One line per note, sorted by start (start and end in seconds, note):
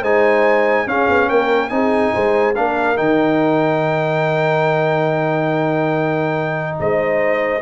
0.00 0.86 G#3
0.00 0.86 D#4
0.00 0.85 C5
0.00 0.88 G#5
0.86 1.70 C#4
0.86 1.08 C#4
0.86 1.29 G#4
0.86 1.29 F5
1.08 1.29 B3
1.29 1.70 A#3
1.29 1.71 A#4
1.29 1.69 G5
1.69 2.12 C4
1.69 2.54 D#4
1.69 2.13 G#4
1.69 2.53 G#5
2.13 2.57 G#3
2.13 2.55 C5
2.55 2.99 A#3
2.55 2.96 D4
2.55 6.78 A#4
2.55 2.97 F5
2.96 6.79 D#3
2.96 7.60 D#4
2.96 6.77 G5
6.79 7.62 G#3
6.79 7.62 C5
6.79 7.62 D#5